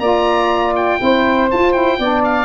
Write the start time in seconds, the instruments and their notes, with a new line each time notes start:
0.00 tuba A#3, saxophone F4 D5, oboe A#5
0.76 oboe G5
0.99 tuba C4, saxophone E4 C5
1.51 saxophone F4, tuba F4, oboe A5
1.73 saxophone E4, oboe G5
1.99 tuba B3, saxophone D4 D5
2.25 oboe F5